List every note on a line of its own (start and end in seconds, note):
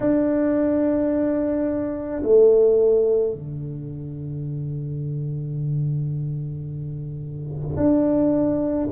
0.00 2.22 D4
2.22 3.33 A3
3.33 7.76 D3
7.76 8.87 D4